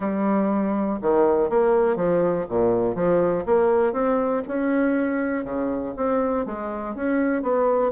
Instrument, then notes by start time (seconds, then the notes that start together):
bassoon
0.00 G3
1.01 D#3
1.49 A#3
1.96 F3
2.49 A#2
2.95 F3
3.45 A#3
3.92 C4
4.47 C#4
5.44 C#3
5.96 C4
6.45 G#3
6.95 C#4
7.42 B3